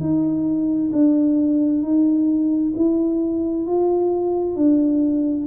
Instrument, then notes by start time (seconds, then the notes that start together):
tuba
0.00 D#4
0.92 D4
1.82 D#4
2.76 E4
3.67 F4
4.56 D4